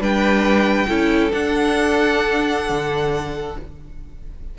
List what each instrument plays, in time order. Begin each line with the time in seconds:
0.00 cello G3, viola D4, violin B4 G5
0.88 cello C#4, viola E4, violin A4
1.31 viola D4, cello D4, violin F#5
2.69 cello D3